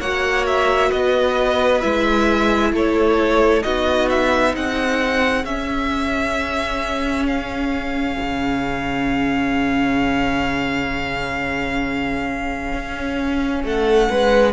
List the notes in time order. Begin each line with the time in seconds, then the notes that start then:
0.00 A#3 F#4 C#5 F#5
0.46 E5
0.89 B3 B4 D#5
1.81 G#3 E4 E5
2.73 A3 A4 C#5
3.62 B3 D#4 F#4 D#5
4.10 E5
4.52 C4 G#4 F#5
5.44 C#4 E5
7.27 F5
8.20 C#3
12.73 C#4
13.64 A3 A4 F#5
14.09 G#3 B4